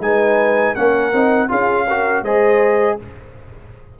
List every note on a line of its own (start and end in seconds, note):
0.00 0.74 G#3
0.00 0.76 D#4
0.00 0.74 B4
0.00 0.75 G#5
0.74 1.13 A#3
0.74 1.13 C#4
0.74 1.48 A#4
0.74 1.49 F#5
1.13 1.50 C4
1.13 1.48 D#4
1.48 2.22 C#4
1.48 1.85 F4
1.48 1.87 G#4
1.48 2.24 F5
1.88 2.25 F#4
1.88 2.24 A#4
2.22 2.96 G#3
2.22 3.00 G#4
2.22 2.98 C5
2.22 2.98 D#5